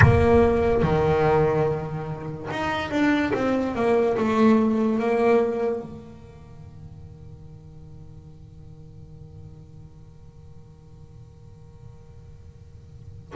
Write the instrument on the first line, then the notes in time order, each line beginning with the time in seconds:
double bass
0.01 A#3
0.82 D#3
2.50 D#4
2.90 D4
3.33 C4
3.75 A#3
4.17 A3
4.99 A#3
5.83 D#3